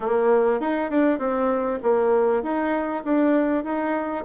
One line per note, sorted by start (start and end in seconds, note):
0.00 0.60 A#3
0.60 0.90 D#4
0.90 1.18 D4
1.18 1.79 C4
1.83 2.42 A#3
2.42 3.03 D#4
3.04 3.64 D4
3.64 4.24 D#4